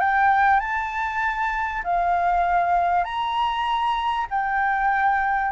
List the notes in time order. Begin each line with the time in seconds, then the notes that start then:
0.00 G5
0.60 A5
1.84 F5
3.04 A#5
4.30 G5